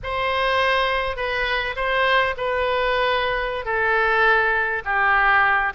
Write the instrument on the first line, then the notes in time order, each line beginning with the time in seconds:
oboe
0.03 C5
1.16 B4
1.76 C5
2.37 B4
3.65 A4
4.84 G4